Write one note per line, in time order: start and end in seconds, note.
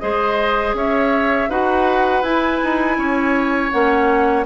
0.00 0.74 G#3
0.00 1.49 G#4
0.00 0.76 C5
0.00 0.74 D#5
0.74 1.48 C#4
0.74 1.49 C#5
0.74 1.50 E5
1.49 2.23 D#4
1.49 2.23 F#4
1.49 2.98 B4
1.49 2.23 F#5
2.23 2.60 E4
2.23 3.72 E4
2.23 3.71 G#5
2.64 2.97 D#4
2.97 3.71 C#4
2.97 4.46 C#5
3.71 4.46 A#3
3.71 4.46 C#4
3.71 4.46 F#5